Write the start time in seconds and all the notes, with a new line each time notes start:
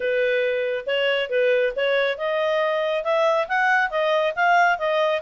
0.00 B4
0.86 C#5
1.29 B4
1.75 C#5
2.17 D#5
3.03 E5
3.48 F#5
3.90 D#5
4.35 F5
4.78 D#5